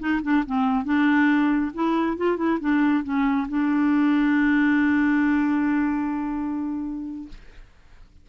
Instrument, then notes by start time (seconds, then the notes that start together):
clarinet
0.00 D#4
0.23 D4
0.47 C4
0.85 D4
1.74 E4
2.17 F4
2.37 E4
2.60 D4
3.04 C#4
3.49 D4